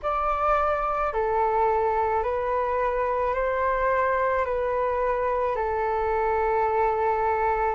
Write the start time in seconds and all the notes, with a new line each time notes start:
0.02 D5
1.13 A4
2.23 B4
3.34 C5
4.45 B4
5.55 A4